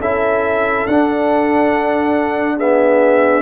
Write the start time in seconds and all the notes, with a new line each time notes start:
0.00 C#4 E4 A4 E5
0.87 D4 F#5
2.57 B3 G#4 E5